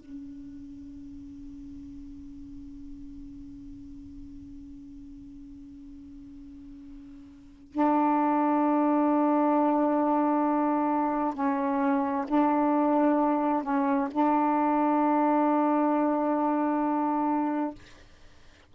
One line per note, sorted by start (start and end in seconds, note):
0.00 7.72 C#4
7.72 11.34 D4
11.34 12.25 C#4
12.28 13.63 D4
13.63 14.09 C#4
14.11 17.75 D4